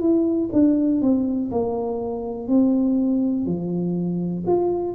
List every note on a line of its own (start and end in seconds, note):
0.00 0.49 E4
0.52 1.01 D4
1.01 1.50 C4
1.51 2.48 A#3
2.48 3.45 C4
3.45 4.44 F3
4.46 4.94 F4